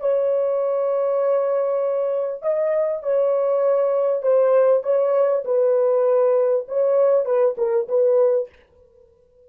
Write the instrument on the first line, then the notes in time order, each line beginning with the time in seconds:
horn
0.00 C#5
2.42 D#5
3.03 C#5
4.23 C5
4.83 C#5
5.45 B4
6.68 C#5
7.25 B4
7.58 A#4
7.88 B4